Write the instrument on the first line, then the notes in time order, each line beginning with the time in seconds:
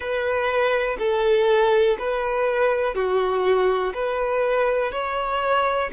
violin
0.00 B4
0.98 A4
1.99 B4
2.95 F#4
3.93 B4
4.92 C#5